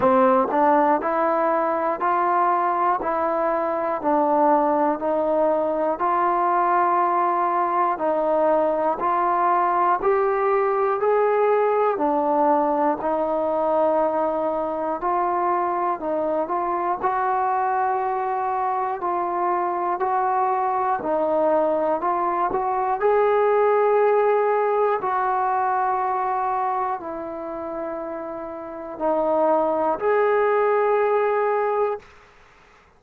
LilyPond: \new Staff \with { instrumentName = "trombone" } { \time 4/4 \tempo 4 = 60 c'8 d'8 e'4 f'4 e'4 | d'4 dis'4 f'2 | dis'4 f'4 g'4 gis'4 | d'4 dis'2 f'4 |
dis'8 f'8 fis'2 f'4 | fis'4 dis'4 f'8 fis'8 gis'4~ | gis'4 fis'2 e'4~ | e'4 dis'4 gis'2 | }